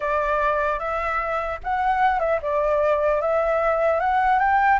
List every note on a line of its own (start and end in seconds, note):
0.00 0.79 D5
0.79 1.59 E5
1.63 2.19 F#5
2.19 2.39 E5
2.41 3.21 D5
3.21 4.00 E5
4.00 4.39 F#5
4.39 4.79 G5